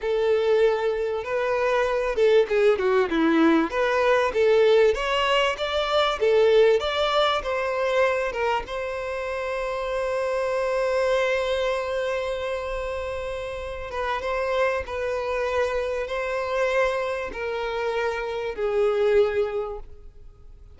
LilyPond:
\new Staff \with { instrumentName = "violin" } { \time 4/4 \tempo 4 = 97 a'2 b'4. a'8 | gis'8 fis'8 e'4 b'4 a'4 | cis''4 d''4 a'4 d''4 | c''4. ais'8 c''2~ |
c''1~ | c''2~ c''8 b'8 c''4 | b'2 c''2 | ais'2 gis'2 | }